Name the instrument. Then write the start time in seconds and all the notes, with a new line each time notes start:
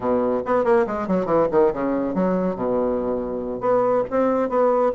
bassoon
0.00 B2
0.45 B3
0.64 A#3
0.86 G#3
1.07 F#3
1.25 E3
1.51 D#3
1.73 C#3
2.14 F#3
2.55 B2
3.60 B3
4.10 C4
4.49 B3